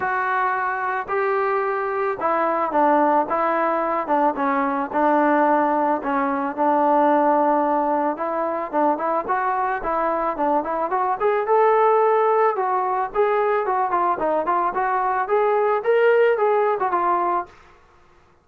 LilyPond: \new Staff \with { instrumentName = "trombone" } { \time 4/4 \tempo 4 = 110 fis'2 g'2 | e'4 d'4 e'4. d'8 | cis'4 d'2 cis'4 | d'2. e'4 |
d'8 e'8 fis'4 e'4 d'8 e'8 | fis'8 gis'8 a'2 fis'4 | gis'4 fis'8 f'8 dis'8 f'8 fis'4 | gis'4 ais'4 gis'8. fis'16 f'4 | }